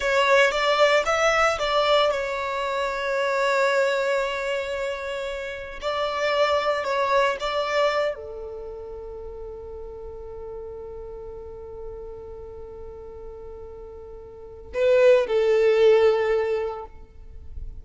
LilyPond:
\new Staff \with { instrumentName = "violin" } { \time 4/4 \tempo 4 = 114 cis''4 d''4 e''4 d''4 | cis''1~ | cis''2. d''4~ | d''4 cis''4 d''4. a'8~ |
a'1~ | a'1~ | a'1 | b'4 a'2. | }